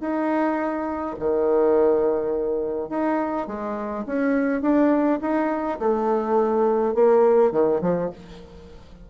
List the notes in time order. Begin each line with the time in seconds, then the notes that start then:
0.00 D#4
1.19 D#3
2.89 D#4
3.47 G#3
4.06 C#4
4.61 D4
5.21 D#4
5.79 A3
6.94 A#3
7.51 D#3
7.81 F3